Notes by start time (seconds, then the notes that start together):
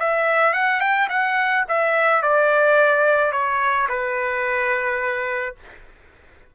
0.00 E5
0.54 F#5
0.80 G5
1.10 F#5
1.68 E5
2.23 D5
3.32 C#5
3.89 B4